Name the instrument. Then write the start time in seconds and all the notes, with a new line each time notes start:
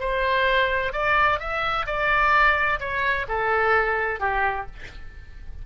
oboe
0.00 C5
0.93 D5
1.40 E5
1.87 D5
2.80 C#5
3.29 A4
4.20 G4